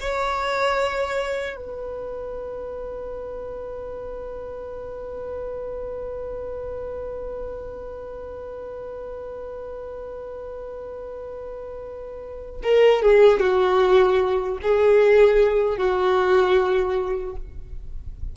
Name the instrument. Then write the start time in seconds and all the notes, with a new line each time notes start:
violin
0.00 C#5
1.56 B4
12.63 A#4
13.02 G#4
13.40 F#4
14.62 G#4
15.78 F#4